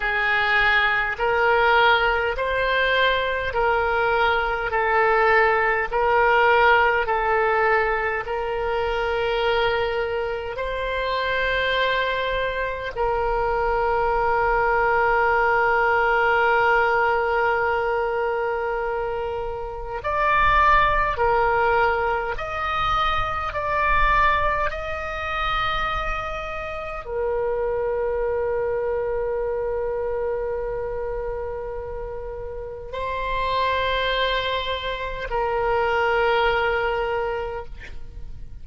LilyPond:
\new Staff \with { instrumentName = "oboe" } { \time 4/4 \tempo 4 = 51 gis'4 ais'4 c''4 ais'4 | a'4 ais'4 a'4 ais'4~ | ais'4 c''2 ais'4~ | ais'1~ |
ais'4 d''4 ais'4 dis''4 | d''4 dis''2 ais'4~ | ais'1 | c''2 ais'2 | }